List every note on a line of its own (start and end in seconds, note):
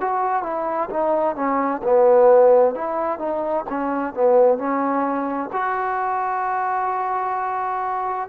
0.00 0.42 F#4
0.42 0.89 E4
0.90 1.35 D#4
1.35 1.81 C#4
1.83 2.75 B3
2.75 3.18 E4
3.18 3.65 D#4
3.69 4.13 C#4
4.13 4.57 B3
4.57 5.50 C#4
5.52 8.29 F#4